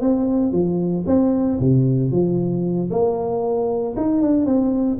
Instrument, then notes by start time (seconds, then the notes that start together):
tuba
0.00 C4
0.52 F3
1.06 C4
1.59 C3
2.11 F3
2.90 A#3
3.96 D#4
4.21 D4
4.45 C4